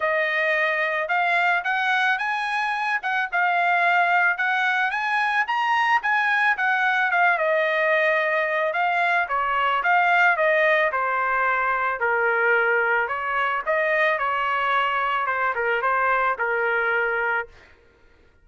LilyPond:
\new Staff \with { instrumentName = "trumpet" } { \time 4/4 \tempo 4 = 110 dis''2 f''4 fis''4 | gis''4. fis''8 f''2 | fis''4 gis''4 ais''4 gis''4 | fis''4 f''8 dis''2~ dis''8 |
f''4 cis''4 f''4 dis''4 | c''2 ais'2 | cis''4 dis''4 cis''2 | c''8 ais'8 c''4 ais'2 | }